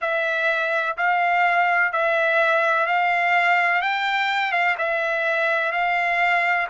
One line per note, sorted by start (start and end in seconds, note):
0.01 0.96 E5
0.97 1.92 F5
1.92 2.86 E5
2.86 3.81 F5
3.81 4.52 G5
4.52 4.75 F5
4.78 5.71 E5
5.71 6.67 F5